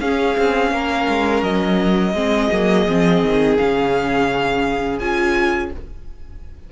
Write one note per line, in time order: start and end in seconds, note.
0.00 0.36 C#4
0.00 2.14 C#4
0.00 0.72 G#4
0.00 1.43 F5
0.37 0.71 C4
0.71 1.07 A#3
0.71 2.15 A#4
1.08 1.42 G#3
1.42 2.14 F#3
1.42 3.57 D#5
2.14 2.49 G#3
2.14 2.50 C4
2.14 5.72 G#4
2.52 2.88 F#3
2.52 2.87 A#3
2.87 3.22 F3
2.87 3.58 C4
3.22 3.58 D#3
3.57 5.00 C#3
3.57 5.00 C#4
3.57 4.99 F5
4.99 5.71 C#4
4.99 5.71 F4
4.99 5.70 G#5